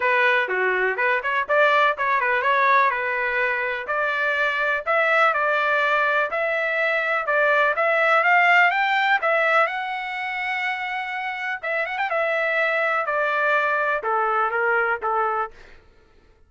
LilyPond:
\new Staff \with { instrumentName = "trumpet" } { \time 4/4 \tempo 4 = 124 b'4 fis'4 b'8 cis''8 d''4 | cis''8 b'8 cis''4 b'2 | d''2 e''4 d''4~ | d''4 e''2 d''4 |
e''4 f''4 g''4 e''4 | fis''1 | e''8 fis''16 g''16 e''2 d''4~ | d''4 a'4 ais'4 a'4 | }